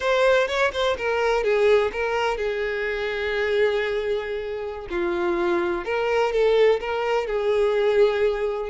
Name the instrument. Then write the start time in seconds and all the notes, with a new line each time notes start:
violin
0.00 C5
0.47 C#5
0.73 C5
0.97 A#4
1.43 G#4
1.92 A#4
2.37 G#4
4.90 F4
5.84 A#4
6.32 A4
6.80 A#4
7.26 G#4